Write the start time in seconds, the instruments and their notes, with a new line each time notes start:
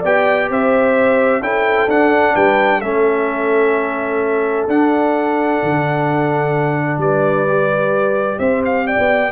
0.00 tuba B3, trombone G4, horn D5, trumpet G5
0.50 tuba C4, horn C5, trumpet E5
1.40 tuba C#4, trombone E4, horn A4, trumpet G5
1.88 tuba D4, trombone D4, trumpet F#5
2.35 tuba G3, horn B4, trumpet G5
2.78 tuba A3, trombone C#4, horn A4, trumpet E5
4.67 tuba D4, trombone D4, trumpet F#5
5.63 tuba D3
6.98 tuba G3, horn B4, trumpet D5
7.47 trombone G4
8.39 tuba C4, horn C5, trumpet E5
8.65 trumpet F5
8.87 horn D5, trumpet G5
8.98 tuba B3